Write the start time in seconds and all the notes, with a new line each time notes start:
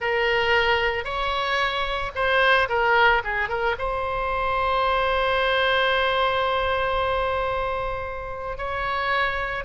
0.00 A#4
1.04 C#5
2.15 C5
2.68 A#4
3.23 G#4
3.48 A#4
3.78 C5
8.57 C#5